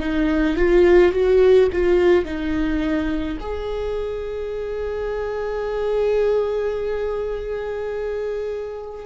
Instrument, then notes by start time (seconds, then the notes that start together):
viola
0.00 D#4
0.57 F4
1.13 F#4
1.72 F4
2.25 D#4
3.40 G#4